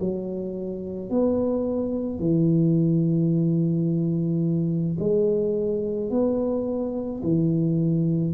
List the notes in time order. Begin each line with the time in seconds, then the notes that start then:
0.00 F#3
1.10 B3
2.19 E3
4.99 G#3
6.11 B3
7.23 E3